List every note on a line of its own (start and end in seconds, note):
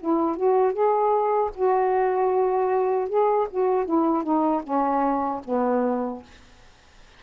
0.00 0.36 E4
0.36 0.73 F#4
0.73 1.51 G#4
1.55 3.09 F#4
3.09 3.47 G#4
3.50 3.85 F#4
3.85 4.23 E4
4.23 4.62 D#4
4.63 5.41 C#4
5.45 6.23 B3